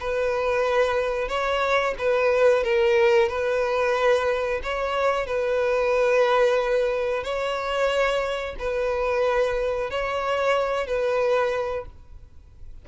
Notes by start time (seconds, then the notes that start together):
0.00 B4
1.29 C#5
1.98 B4
2.64 A#4
3.29 B4
4.63 C#5
5.27 B4
7.24 C#5
8.59 B4
9.91 C#5
10.87 B4